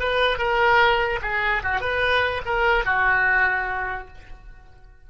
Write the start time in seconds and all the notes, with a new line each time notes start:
0.00 B4
0.38 A#4
1.22 G#4
1.63 F#4
1.81 B4
2.45 A#4
2.85 F#4